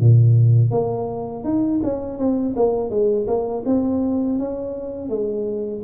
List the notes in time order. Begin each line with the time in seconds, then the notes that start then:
0.00 A#2
0.71 A#3
1.44 D#4
1.83 C#4
2.19 C4
2.56 A#3
2.90 G#3
3.27 A#3
3.66 C4
4.39 C#4
5.10 G#3